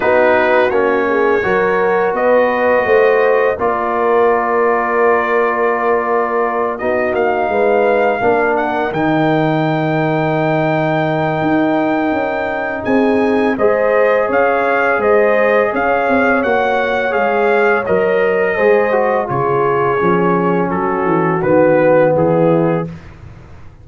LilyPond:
<<
  \new Staff \with { instrumentName = "trumpet" } { \time 4/4 \tempo 4 = 84 b'4 cis''2 dis''4~ | dis''4 d''2.~ | d''4. dis''8 f''2 | fis''8 g''2.~ g''8~ |
g''2 gis''4 dis''4 | f''4 dis''4 f''4 fis''4 | f''4 dis''2 cis''4~ | cis''4 a'4 b'4 gis'4 | }
  \new Staff \with { instrumentName = "horn" } { \time 4/4 fis'4. gis'8 ais'4 b'4 | c''4 ais'2.~ | ais'4. fis'4 b'4 ais'8~ | ais'1~ |
ais'2 gis'4 c''4 | cis''4 c''4 cis''2~ | cis''2 c''4 gis'4~ | gis'4 fis'2 e'4 | }
  \new Staff \with { instrumentName = "trombone" } { \time 4/4 dis'4 cis'4 fis'2~ | fis'4 f'2.~ | f'4. dis'2 d'8~ | d'8 dis'2.~ dis'8~ |
dis'2. gis'4~ | gis'2. fis'4 | gis'4 ais'4 gis'8 fis'8 f'4 | cis'2 b2 | }
  \new Staff \with { instrumentName = "tuba" } { \time 4/4 b4 ais4 fis4 b4 | a4 ais2.~ | ais4. b8 ais8 gis4 ais8~ | ais8 dis2.~ dis8 |
dis'4 cis'4 c'4 gis4 | cis'4 gis4 cis'8 c'8 ais4 | gis4 fis4 gis4 cis4 | f4 fis8 e8 dis4 e4 | }
>>